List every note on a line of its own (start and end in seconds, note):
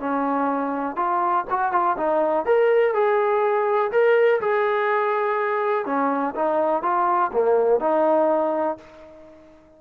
0.00 0.96 C#4
0.96 1.45 F4
1.50 1.72 F#4
1.72 1.97 F4
1.98 2.46 D#4
2.46 2.94 A#4
2.94 3.92 G#4
3.92 4.41 A#4
4.41 5.86 G#4
5.86 6.35 C#4
6.35 6.83 D#4
6.83 7.31 F4
7.33 7.80 A#3
7.80 8.78 D#4